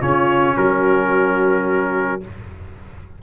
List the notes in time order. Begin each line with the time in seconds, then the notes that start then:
0.00 C#3 C#4 F4 C#5
0.57 F#3 F#4 A#4